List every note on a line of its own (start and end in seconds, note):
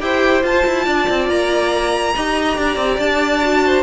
0.00 0.43 E4
0.00 0.42 G4
0.00 0.85 C5
0.00 0.43 G5
0.42 2.14 F4
0.42 0.64 F4
0.42 1.29 A5
0.66 0.86 E4
0.85 1.08 D4
0.85 2.13 D5
1.09 1.29 C4
1.29 2.15 A#3
1.29 3.00 A#5
2.15 2.58 D#4
2.15 3.42 G4
2.15 2.57 D#5
2.57 2.76 D4
2.57 3.64 D5
2.76 2.97 C4
2.98 3.83 D4
2.98 3.83 A5
3.42 3.83 F#4
3.65 3.83 C5